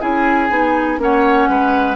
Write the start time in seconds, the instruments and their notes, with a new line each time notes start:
0.00 bassoon C#4, clarinet E4, oboe G#4, flute G#5
0.49 bassoon B3, clarinet D#4
0.98 bassoon A#3, clarinet C#4, oboe C#5, flute F#5
1.48 bassoon G#3, oboe B4